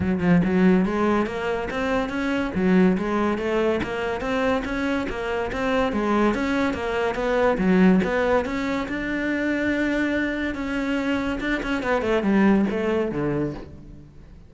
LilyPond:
\new Staff \with { instrumentName = "cello" } { \time 4/4 \tempo 4 = 142 fis8 f8 fis4 gis4 ais4 | c'4 cis'4 fis4 gis4 | a4 ais4 c'4 cis'4 | ais4 c'4 gis4 cis'4 |
ais4 b4 fis4 b4 | cis'4 d'2.~ | d'4 cis'2 d'8 cis'8 | b8 a8 g4 a4 d4 | }